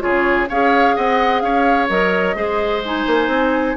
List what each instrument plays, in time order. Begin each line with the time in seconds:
0.00 bassoon C#3, clarinet F4, oboe G#4, flute C#5
0.49 bassoon C#4, clarinet G#4, oboe C#5, flute F5
0.96 bassoon C4, oboe D#5, flute F#5
1.40 bassoon C#4, oboe C#5, flute F5
1.89 bassoon F#3, clarinet A#4, flute D#5
2.35 bassoon G#3, clarinet G#4, oboe C5
2.85 clarinet D#4, flute G#5
3.06 bassoon A#3
3.27 bassoon C4